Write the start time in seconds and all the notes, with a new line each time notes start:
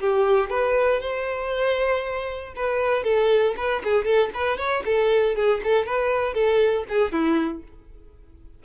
0.00 G4
0.50 B4
1.01 C5
2.56 B4
3.04 A4
3.57 B4
3.84 G#4
4.05 A4
4.34 B4
4.58 C#5
4.85 A4
5.36 G#4
5.63 A4
5.86 B4
6.34 A4
6.89 G#4
7.12 E4